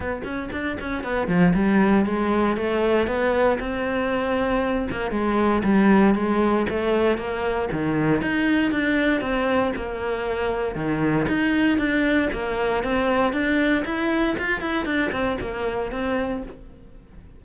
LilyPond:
\new Staff \with { instrumentName = "cello" } { \time 4/4 \tempo 4 = 117 b8 cis'8 d'8 cis'8 b8 f8 g4 | gis4 a4 b4 c'4~ | c'4. ais8 gis4 g4 | gis4 a4 ais4 dis4 |
dis'4 d'4 c'4 ais4~ | ais4 dis4 dis'4 d'4 | ais4 c'4 d'4 e'4 | f'8 e'8 d'8 c'8 ais4 c'4 | }